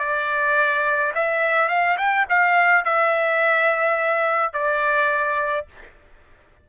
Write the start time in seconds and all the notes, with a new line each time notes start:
0.00 D5
1.15 E5
1.69 F5
1.98 G5
2.30 F5
2.85 E5
4.54 D5